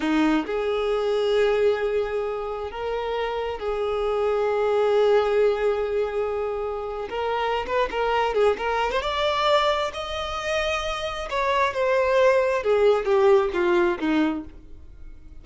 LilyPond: \new Staff \with { instrumentName = "violin" } { \time 4/4 \tempo 4 = 133 dis'4 gis'2.~ | gis'2 ais'2 | gis'1~ | gis'2.~ gis'8. ais'16~ |
ais'4 b'8 ais'4 gis'8 ais'8. c''16 | d''2 dis''2~ | dis''4 cis''4 c''2 | gis'4 g'4 f'4 dis'4 | }